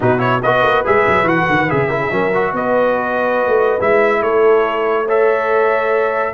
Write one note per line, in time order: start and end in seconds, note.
0.00 0.43 B2
0.00 0.18 D#4
0.00 0.41 F#4
0.00 0.19 B4
0.18 0.39 E4
0.18 0.40 C#5
0.41 0.62 B3
0.41 0.84 F#4
0.41 1.88 B4
0.41 0.84 D#5
0.62 0.83 A#3
0.84 1.07 G#3
0.84 1.24 G#4
0.84 1.28 E5
1.07 1.23 F#3
1.23 1.44 E3
1.23 1.66 F#4
1.23 1.70 F#5
1.49 1.70 D#3
1.69 2.11 C#3
1.69 1.89 G#4
1.69 2.54 E5
1.88 2.10 E4
1.88 1.98 A#4
2.01 2.11 G#4
2.10 2.52 F#3
2.10 2.31 C#4
2.10 2.54 A#4
2.33 3.79 F#4
2.52 3.47 B3
2.52 4.21 B4
2.52 3.81 D#5
3.47 3.79 A3
3.79 4.23 G#3
3.79 5.06 E4
3.79 4.22 E5
4.21 6.34 A3
4.21 5.05 A4
4.21 5.07 C#5
5.05 6.34 A4
5.05 6.31 C#5
5.05 6.34 E5